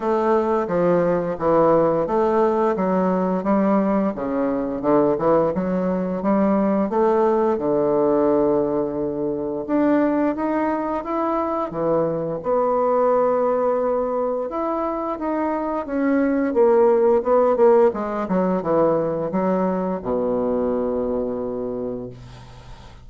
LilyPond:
\new Staff \with { instrumentName = "bassoon" } { \time 4/4 \tempo 4 = 87 a4 f4 e4 a4 | fis4 g4 cis4 d8 e8 | fis4 g4 a4 d4~ | d2 d'4 dis'4 |
e'4 e4 b2~ | b4 e'4 dis'4 cis'4 | ais4 b8 ais8 gis8 fis8 e4 | fis4 b,2. | }